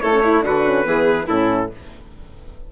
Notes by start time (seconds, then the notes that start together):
0.00 A3 E4 A4 C#5
0.12 C#4
0.24 E4
0.42 D3 D4 F#4 B4
0.64 C#4
0.84 E3 B3 G#4
1.26 A2 C#4 E4 A4